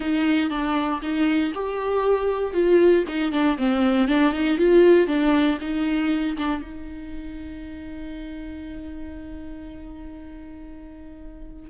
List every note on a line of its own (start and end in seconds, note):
0.00 0.50 D#4
0.50 1.01 D4
1.02 1.53 D#4
1.54 2.53 G4
2.53 3.04 F4
3.07 3.31 D#4
3.31 3.57 D4
3.57 4.07 C4
4.07 4.32 D4
4.32 4.57 D#4
4.57 5.07 F4
5.07 5.58 D4
5.60 6.37 D#4
6.37 6.61 D4
6.61 11.70 D#4